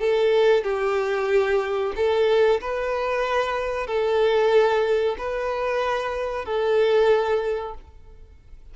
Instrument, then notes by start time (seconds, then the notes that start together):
violin
0.00 A4
0.64 G4
1.96 A4
2.61 B4
3.87 A4
5.18 B4
6.46 A4